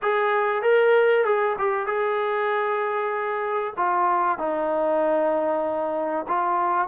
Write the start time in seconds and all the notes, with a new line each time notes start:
0.02 G#4
0.62 A#4
1.25 G#4
1.58 G4
1.86 G#4
3.76 F4
4.38 D#4
6.28 F4